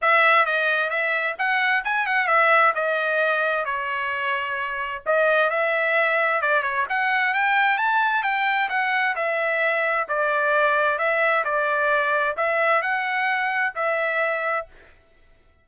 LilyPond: \new Staff \with { instrumentName = "trumpet" } { \time 4/4 \tempo 4 = 131 e''4 dis''4 e''4 fis''4 | gis''8 fis''8 e''4 dis''2 | cis''2. dis''4 | e''2 d''8 cis''8 fis''4 |
g''4 a''4 g''4 fis''4 | e''2 d''2 | e''4 d''2 e''4 | fis''2 e''2 | }